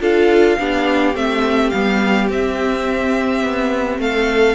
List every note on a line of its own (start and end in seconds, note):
0.00 0.57 D4
0.00 0.58 F4
0.00 0.59 A4
0.00 1.16 F5
0.59 1.15 B3
0.59 1.14 D4
0.59 4.01 G4
1.14 1.72 A3
1.14 1.72 C4
1.14 1.70 E5
1.70 2.29 G3
1.70 2.31 B3
1.70 2.27 F5
2.29 3.43 C4
2.29 4.55 C4
2.29 4.01 E5
3.43 3.99 B3
3.99 4.55 A3
3.99 4.55 A4
3.99 4.55 F5